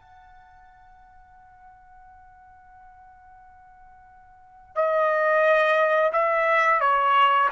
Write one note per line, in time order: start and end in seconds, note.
0.00 4.75 F#5
4.75 6.11 D#5
6.12 6.81 E5
6.81 7.49 C#5